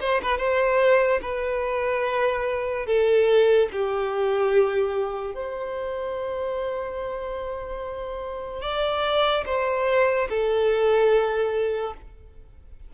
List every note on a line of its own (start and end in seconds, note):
0.00 0.21 C5
0.22 0.38 B4
0.38 1.20 C5
1.21 2.86 B4
2.86 3.68 A4
3.72 5.34 G4
5.34 8.62 C5
8.62 9.44 D5
9.46 10.28 C5
10.29 11.94 A4